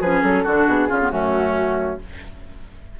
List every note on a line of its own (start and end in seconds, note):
0.00 0.22 F3
0.00 0.46 C#4
0.00 0.43 G#4
0.00 0.22 B4
0.22 0.44 F#3
0.22 0.66 A4
0.43 0.67 D3
0.43 0.89 D4
0.43 0.87 F#4
0.66 0.89 B2
0.66 1.10 G#4
0.89 1.11 C#3
0.89 1.00 C#4
0.89 1.11 F4
1.01 1.11 B3
1.10 1.99 F#2
1.10 1.99 A3
1.10 1.99 C#4
1.10 1.98 F#4